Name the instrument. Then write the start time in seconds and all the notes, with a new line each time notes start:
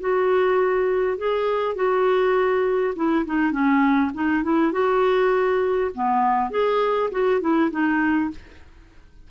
clarinet
0.00 F#4
1.18 G#4
1.76 F#4
2.96 E4
3.26 D#4
3.52 C#4
4.14 D#4
4.43 E4
4.72 F#4
5.94 B3
6.50 G#4
7.11 F#4
7.41 E4
7.71 D#4